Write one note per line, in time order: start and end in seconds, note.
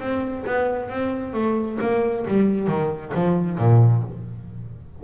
0.00 0.45 C4
0.46 0.90 B3
0.90 1.34 C4
1.34 1.78 A3
1.81 2.26 A#3
2.28 2.68 G3
2.68 3.12 D#3
3.14 3.58 F3
3.58 4.03 A#2